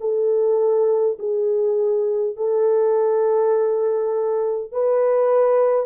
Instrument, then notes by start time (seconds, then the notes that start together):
horn
0.00 A4
1.19 G#4
2.36 A4
4.72 B4